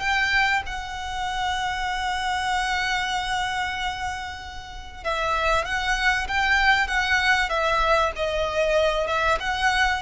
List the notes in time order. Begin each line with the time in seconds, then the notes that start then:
0.00 G5
0.66 F#5
5.04 E5
5.65 F#5
6.28 G5
6.87 F#5
7.49 E5
8.16 D#5
9.07 E5
9.40 F#5